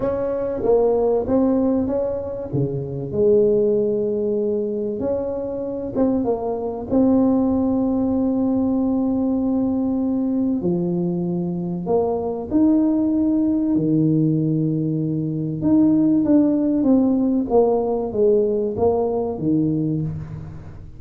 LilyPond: \new Staff \with { instrumentName = "tuba" } { \time 4/4 \tempo 4 = 96 cis'4 ais4 c'4 cis'4 | cis4 gis2. | cis'4. c'8 ais4 c'4~ | c'1~ |
c'4 f2 ais4 | dis'2 dis2~ | dis4 dis'4 d'4 c'4 | ais4 gis4 ais4 dis4 | }